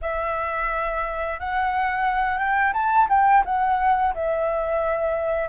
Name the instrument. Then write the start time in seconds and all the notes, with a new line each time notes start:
flute
0.01 E5
1.39 F#5
2.38 G5
2.73 A5
3.09 G5
3.45 F#5
4.14 E5